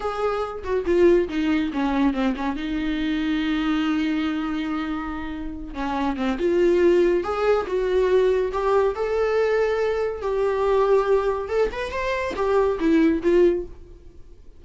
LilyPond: \new Staff \with { instrumentName = "viola" } { \time 4/4 \tempo 4 = 141 gis'4. fis'8 f'4 dis'4 | cis'4 c'8 cis'8 dis'2~ | dis'1~ | dis'4. cis'4 c'8 f'4~ |
f'4 gis'4 fis'2 | g'4 a'2. | g'2. a'8 b'8 | c''4 g'4 e'4 f'4 | }